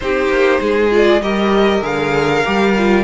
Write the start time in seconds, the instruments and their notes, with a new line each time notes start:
0.00 cello C4, viola D#4, violin G4 C5
0.29 cello A#3
0.60 cello G#3, violin G#4
0.91 viola F4, violin D5
1.21 cello G3, viola G4, violin A#4 D#5
1.81 cello D3, viola G#4, violin F5
2.44 cello G3, viola G4
2.78 viola F4